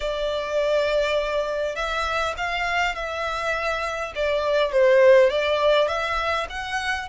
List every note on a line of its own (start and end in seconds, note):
0.00 1.75 D5
1.75 2.34 E5
2.37 2.95 F5
2.95 4.13 E5
4.15 4.72 D5
4.72 5.30 C5
5.30 5.88 D5
5.88 6.47 E5
6.49 7.08 F#5